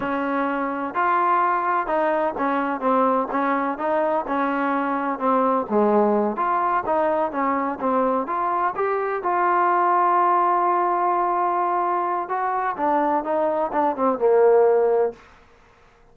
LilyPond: \new Staff \with { instrumentName = "trombone" } { \time 4/4 \tempo 4 = 127 cis'2 f'2 | dis'4 cis'4 c'4 cis'4 | dis'4 cis'2 c'4 | gis4. f'4 dis'4 cis'8~ |
cis'8 c'4 f'4 g'4 f'8~ | f'1~ | f'2 fis'4 d'4 | dis'4 d'8 c'8 ais2 | }